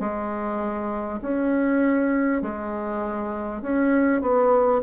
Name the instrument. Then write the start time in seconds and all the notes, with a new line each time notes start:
bassoon
0.00 G#3
1.22 C#4
2.42 G#3
3.62 C#4
4.22 B3